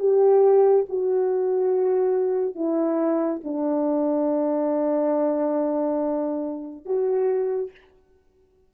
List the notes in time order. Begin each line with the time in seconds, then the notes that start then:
0.00 G4
0.89 F#4
2.55 E4
3.44 D4
6.86 F#4